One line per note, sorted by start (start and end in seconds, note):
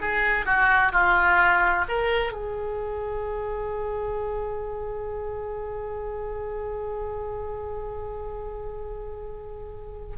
0.00 0.45 G#4
0.45 0.91 F#4
0.92 1.84 F4
1.88 2.32 A#4
2.32 10.16 G#4